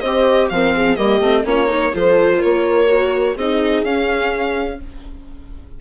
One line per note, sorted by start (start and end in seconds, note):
0.00 0.50 C4
0.00 0.52 G4
0.00 0.48 C5
0.00 0.48 D#5
0.49 0.97 F3
0.49 0.97 C4
0.49 0.75 A#4
0.49 0.96 F5
0.75 0.96 G#4
0.96 1.20 G3
0.96 1.21 A#3
0.96 1.44 G4
0.96 1.43 D#5
1.20 1.44 A3
1.20 1.44 C4
1.44 1.92 A#3
1.44 1.67 C#4
1.44 1.67 F4
1.44 1.95 C#5
1.67 1.91 D#4
1.67 1.91 A#4
1.93 2.42 F3
1.93 2.86 F4
1.93 2.37 A4
1.93 2.41 C5
2.37 3.32 A#4
2.37 3.37 C#5
2.43 3.36 A#3
2.86 3.34 F#4
3.35 3.83 C4
3.35 3.85 D#4
3.35 4.78 G#4
3.35 3.84 D#5
3.83 4.78 C#4
3.83 4.81 C#4
3.83 4.79 F5